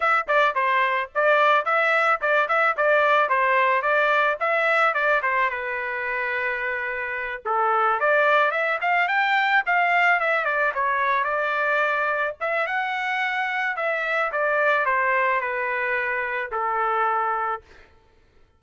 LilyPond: \new Staff \with { instrumentName = "trumpet" } { \time 4/4 \tempo 4 = 109 e''8 d''8 c''4 d''4 e''4 | d''8 e''8 d''4 c''4 d''4 | e''4 d''8 c''8 b'2~ | b'4. a'4 d''4 e''8 |
f''8 g''4 f''4 e''8 d''8 cis''8~ | cis''8 d''2 e''8 fis''4~ | fis''4 e''4 d''4 c''4 | b'2 a'2 | }